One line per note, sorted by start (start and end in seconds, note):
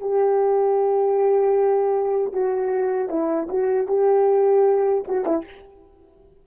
0.00 2.33 G4
2.33 3.09 F#4
3.09 3.48 E4
3.49 3.87 F#4
3.87 5.04 G4
5.08 5.25 F#4
5.25 5.45 E4